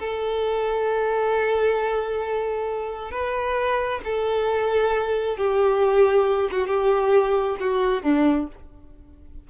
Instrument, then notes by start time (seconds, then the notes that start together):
violin
0.00 A4
3.11 B4
4.05 A4
5.37 G4
6.52 F#4
6.68 G4
7.60 F#4
8.03 D4